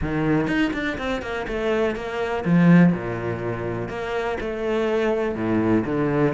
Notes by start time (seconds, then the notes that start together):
0.01 D#3
0.47 D#4
0.73 D4
0.98 C4
1.22 A#3
1.47 A3
1.95 A#3
2.44 F3
2.92 A#2
3.88 A#3
4.40 A3
5.35 A2
5.85 D3